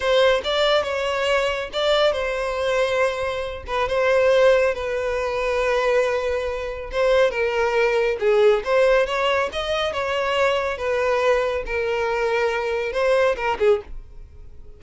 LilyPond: \new Staff \with { instrumentName = "violin" } { \time 4/4 \tempo 4 = 139 c''4 d''4 cis''2 | d''4 c''2.~ | c''8 b'8 c''2 b'4~ | b'1 |
c''4 ais'2 gis'4 | c''4 cis''4 dis''4 cis''4~ | cis''4 b'2 ais'4~ | ais'2 c''4 ais'8 gis'8 | }